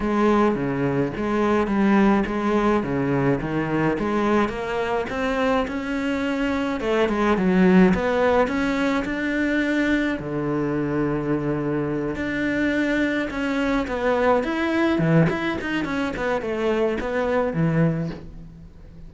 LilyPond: \new Staff \with { instrumentName = "cello" } { \time 4/4 \tempo 4 = 106 gis4 cis4 gis4 g4 | gis4 cis4 dis4 gis4 | ais4 c'4 cis'2 | a8 gis8 fis4 b4 cis'4 |
d'2 d2~ | d4. d'2 cis'8~ | cis'8 b4 e'4 e8 e'8 dis'8 | cis'8 b8 a4 b4 e4 | }